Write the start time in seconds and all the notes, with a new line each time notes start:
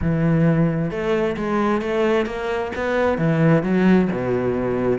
0.01 E3
0.90 A3
1.36 G#3
1.81 A3
2.26 A#3
2.75 B3
3.17 E3
3.63 F#3
4.11 B2